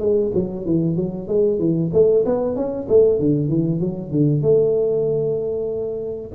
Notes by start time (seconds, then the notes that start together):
0.00 G#3
0.34 F#3
0.65 E3
0.96 F#3
1.28 G#3
1.59 E3
1.93 A3
2.26 B3
2.56 C#4
2.89 A3
3.20 D3
3.49 E3
3.80 F#3
4.11 D3
4.42 A3